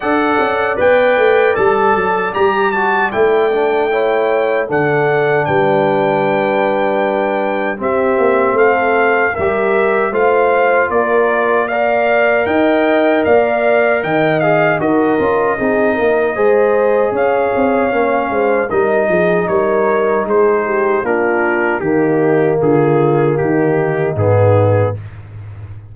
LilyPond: <<
  \new Staff \with { instrumentName = "trumpet" } { \time 4/4 \tempo 4 = 77 fis''4 g''4 a''4 ais''8 a''8 | g''2 fis''4 g''4~ | g''2 e''4 f''4 | e''4 f''4 d''4 f''4 |
g''4 f''4 g''8 f''8 dis''4~ | dis''2 f''2 | dis''4 cis''4 c''4 ais'4 | g'4 gis'4 g'4 gis'4 | }
  \new Staff \with { instrumentName = "horn" } { \time 4/4 d''1~ | d''4 cis''4 a'4 b'4~ | b'2 g'4 a'4 | ais'4 c''4 ais'4 d''4 |
dis''4 d''4 dis''4 ais'4 | gis'8 ais'8 c''4 cis''4. c''8 | ais'8 gis'8 ais'4 gis'8 g'8 f'4 | dis'4 f'4 dis'2 | }
  \new Staff \with { instrumentName = "trombone" } { \time 4/4 a'4 b'4 a'4 g'8 fis'8 | e'8 d'8 e'4 d'2~ | d'2 c'2 | g'4 f'2 ais'4~ |
ais'2~ ais'8 gis'8 fis'8 f'8 | dis'4 gis'2 cis'4 | dis'2. d'4 | ais2. b4 | }
  \new Staff \with { instrumentName = "tuba" } { \time 4/4 d'8 cis'8 b8 a8 g8 fis8 g4 | a2 d4 g4~ | g2 c'8 ais8 a4 | g4 a4 ais2 |
dis'4 ais4 dis4 dis'8 cis'8 | c'8 ais8 gis4 cis'8 c'8 ais8 gis8 | g8 f8 g4 gis4 ais4 | dis4 d4 dis4 gis,4 | }
>>